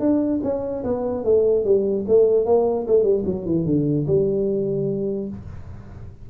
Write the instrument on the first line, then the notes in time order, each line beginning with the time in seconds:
tuba
0.00 D4
0.43 C#4
0.84 B3
1.24 A3
1.65 G3
2.08 A3
2.46 A#3
2.88 A3
3.04 G3
3.26 F#3
3.46 E3
3.66 D3
4.07 G3